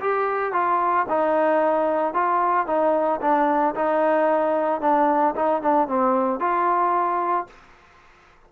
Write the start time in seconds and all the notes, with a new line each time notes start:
0.00 G4
0.53 F4
1.09 D#4
2.14 F4
2.67 D#4
3.21 D4
3.75 D#4
4.81 D4
5.35 D#4
5.62 D4
5.88 C4
6.40 F4